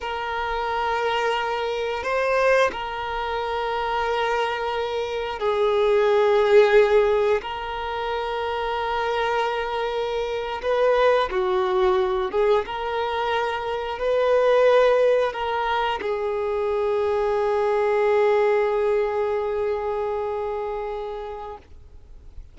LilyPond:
\new Staff \with { instrumentName = "violin" } { \time 4/4 \tempo 4 = 89 ais'2. c''4 | ais'1 | gis'2. ais'4~ | ais'2.~ ais'8. b'16~ |
b'8. fis'4. gis'8 ais'4~ ais'16~ | ais'8. b'2 ais'4 gis'16~ | gis'1~ | gis'1 | }